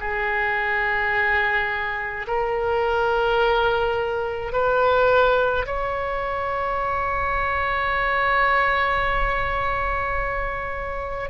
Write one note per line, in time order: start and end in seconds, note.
0.00 2.26 G#4
2.27 4.52 A#4
4.52 5.66 B4
5.66 11.30 C#5